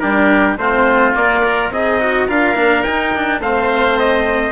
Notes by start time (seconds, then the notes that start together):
0.00 G3 D4 G4 A#4
0.58 A3 C4 F4 C5
1.15 A#3 D5
1.44 A#4
1.71 C4 D#4 G#4 D#5
2.01 F#4
2.27 D4 F4 A#4 F5
2.56 A#3 D4
2.84 D#4 G5
3.15 D4
3.40 A3 C4 C5 F5
3.99 D#5